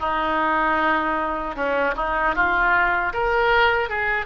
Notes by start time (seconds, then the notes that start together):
0.00 D#4
1.56 C#4
1.97 D#4
2.35 F4
3.13 A#4
3.90 G#4